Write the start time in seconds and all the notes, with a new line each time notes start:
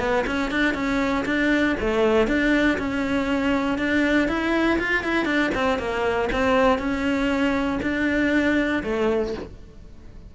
0.00 B3
0.27 C#4
0.52 D4
0.74 C#4
1.26 D4
1.80 A3
2.28 D4
2.79 C#4
3.78 D4
4.29 E4
4.79 F4
5.04 E4
5.26 D4
5.55 C4
5.79 A#3
6.32 C4
6.79 C#4
7.83 D4
8.84 A3